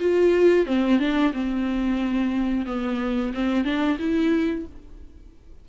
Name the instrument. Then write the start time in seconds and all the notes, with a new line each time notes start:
viola
0.00 F4
0.66 C4
0.99 D4
1.33 C4
2.66 B3
3.34 C4
3.64 D4
3.99 E4